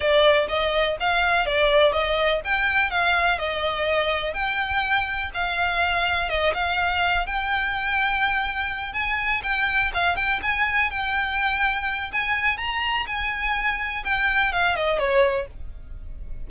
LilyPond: \new Staff \with { instrumentName = "violin" } { \time 4/4 \tempo 4 = 124 d''4 dis''4 f''4 d''4 | dis''4 g''4 f''4 dis''4~ | dis''4 g''2 f''4~ | f''4 dis''8 f''4. g''4~ |
g''2~ g''8 gis''4 g''8~ | g''8 f''8 g''8 gis''4 g''4.~ | g''4 gis''4 ais''4 gis''4~ | gis''4 g''4 f''8 dis''8 cis''4 | }